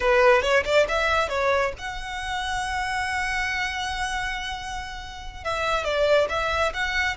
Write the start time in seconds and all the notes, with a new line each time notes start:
0.00 B4
0.42 C#5
0.64 D5
0.88 E5
1.28 C#5
1.78 F#5
5.43 E5
5.84 D5
6.29 E5
6.73 F#5